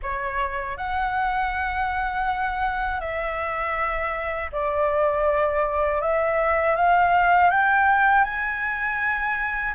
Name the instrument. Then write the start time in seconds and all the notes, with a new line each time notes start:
flute
0.02 C#5
0.77 F#5
3.00 E5
4.52 D5
6.01 E5
6.75 F5
7.50 G5
8.23 G#5